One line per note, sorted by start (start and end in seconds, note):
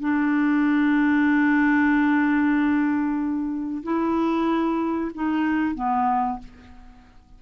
0.00 3.83 D4
3.83 5.11 E4
5.14 5.75 D#4
5.75 6.39 B3